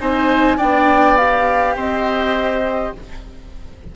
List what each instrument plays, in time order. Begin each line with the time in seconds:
0.00 bassoon C4, cello D#4, oboe C5, flute G#5
0.57 bassoon B3, cello D4, oboe D5, flute G5
1.16 cello G4, flute F5
1.75 bassoon C4, oboe C5, flute D#5